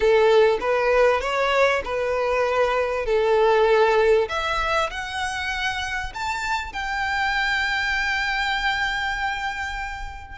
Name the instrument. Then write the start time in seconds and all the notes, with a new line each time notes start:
violin
0.00 A4
0.60 B4
1.20 C#5
1.84 B4
3.05 A4
4.29 E5
4.90 F#5
6.14 A5
6.72 G5